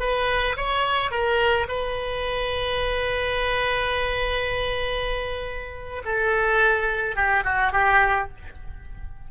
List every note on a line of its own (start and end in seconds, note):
0.00 0.56 B4
0.57 1.11 C#5
1.11 1.67 A#4
1.68 6.03 B4
6.05 7.16 A4
7.16 7.44 G4
7.44 7.72 F#4
7.72 8.28 G4